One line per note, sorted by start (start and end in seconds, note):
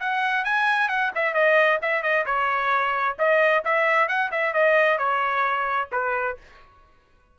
0.00 0.44 F#5
0.44 0.89 G#5
0.89 1.11 F#5
1.15 1.34 E5
1.34 1.79 D#5
1.82 2.02 E5
2.02 2.25 D#5
2.26 3.17 C#5
3.19 3.64 D#5
3.64 4.08 E5
4.08 4.31 F#5
4.32 4.53 E5
4.53 4.98 D#5
4.98 5.89 C#5
5.92 6.37 B4